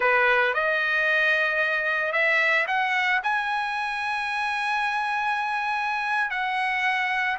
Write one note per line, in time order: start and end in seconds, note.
0.00 0.54 B4
0.54 2.12 D#5
2.12 2.66 E5
2.67 3.20 F#5
3.23 6.30 G#5
6.30 7.37 F#5